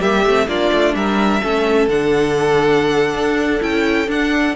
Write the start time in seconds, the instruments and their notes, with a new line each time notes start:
0.00 cello G3, viola A#3, violin G4 E5
0.25 cello A3, viola C4
0.47 cello A#3, viola D4, violin F4 D5
0.72 cello A3
0.95 cello G3, violin A#4 E5
1.42 cello A3, viola C#4, violin A4
1.88 cello D3, viola D4, violin F#5
3.14 cello D4
3.60 cello C#4, viola E4, violin G5
4.08 cello D4, viola D4, violin F#5